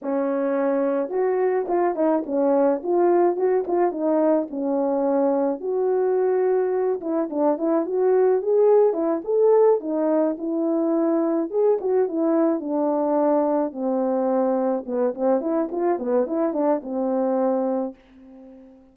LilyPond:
\new Staff \with { instrumentName = "horn" } { \time 4/4 \tempo 4 = 107 cis'2 fis'4 f'8 dis'8 | cis'4 f'4 fis'8 f'8 dis'4 | cis'2 fis'2~ | fis'8 e'8 d'8 e'8 fis'4 gis'4 |
e'8 a'4 dis'4 e'4.~ | e'8 gis'8 fis'8 e'4 d'4.~ | d'8 c'2 b8 c'8 e'8 | f'8 b8 e'8 d'8 c'2 | }